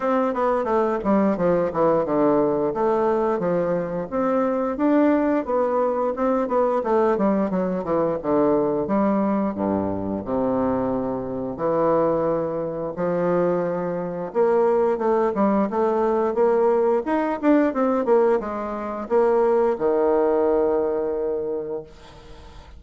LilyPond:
\new Staff \with { instrumentName = "bassoon" } { \time 4/4 \tempo 4 = 88 c'8 b8 a8 g8 f8 e8 d4 | a4 f4 c'4 d'4 | b4 c'8 b8 a8 g8 fis8 e8 | d4 g4 g,4 c4~ |
c4 e2 f4~ | f4 ais4 a8 g8 a4 | ais4 dis'8 d'8 c'8 ais8 gis4 | ais4 dis2. | }